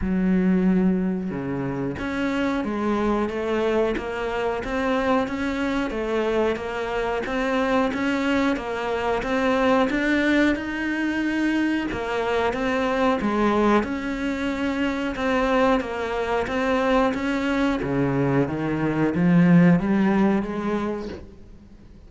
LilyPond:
\new Staff \with { instrumentName = "cello" } { \time 4/4 \tempo 4 = 91 fis2 cis4 cis'4 | gis4 a4 ais4 c'4 | cis'4 a4 ais4 c'4 | cis'4 ais4 c'4 d'4 |
dis'2 ais4 c'4 | gis4 cis'2 c'4 | ais4 c'4 cis'4 cis4 | dis4 f4 g4 gis4 | }